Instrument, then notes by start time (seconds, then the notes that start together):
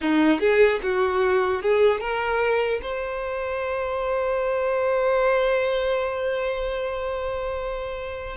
violin
0.01 D#4
0.39 G#4
0.82 F#4
1.62 G#4
2.00 A#4
2.81 C5